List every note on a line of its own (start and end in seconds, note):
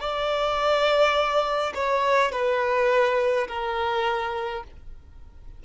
0.00 1.73 D5
1.75 2.32 C#5
2.32 3.47 B4
3.48 4.63 A#4